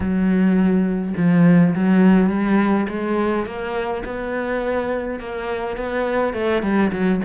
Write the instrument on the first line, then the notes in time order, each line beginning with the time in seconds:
cello
0.00 F#3
1.16 F3
1.74 F#3
2.29 G3
2.88 G#3
3.46 A#3
4.04 B3
5.19 A#3
5.77 B3
6.33 A3
6.62 G3
6.92 F#3